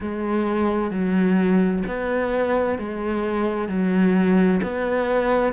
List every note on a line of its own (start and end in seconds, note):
0.00 0.91 G#3
0.91 1.83 F#3
1.87 2.78 B3
2.78 3.68 G#3
3.68 4.60 F#3
4.62 5.53 B3